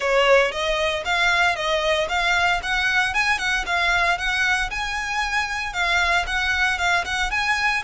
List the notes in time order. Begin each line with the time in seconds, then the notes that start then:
0.00 C#5
0.51 D#5
1.04 F5
1.55 D#5
2.08 F5
2.62 F#5
3.14 G#5
3.38 F#5
3.65 F5
4.18 F#5
4.70 G#5
5.72 F5
6.27 F#5
6.78 F5
7.04 F#5
7.30 G#5